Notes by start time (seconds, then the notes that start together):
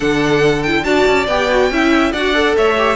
0.00 D3 D4 A4 F#5
0.62 E4 G5
0.84 D4 F#4 D5 A5
1.06 C#4
1.26 B3 G4 G5
1.50 F#4
1.70 C#4 E4 E5
2.12 D4 F#4 D5 F#5
2.33 A4
2.56 A3 C#5 E5
2.77 G4